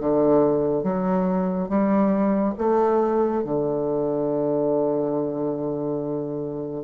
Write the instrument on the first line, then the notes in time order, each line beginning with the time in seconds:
bassoon
0.00 D3
0.84 F#3
1.69 G3
2.59 A3
3.45 D3